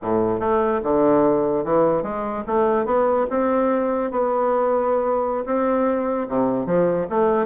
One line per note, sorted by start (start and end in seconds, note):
0.01 0.39 A2
0.39 0.81 A3
0.83 1.64 D3
1.64 2.02 E3
2.02 2.43 G#3
2.46 2.85 A3
2.85 3.26 B3
3.30 4.11 C4
4.11 5.45 B3
5.45 6.27 C4
6.28 6.65 C3
6.65 7.06 F3
7.09 7.46 A3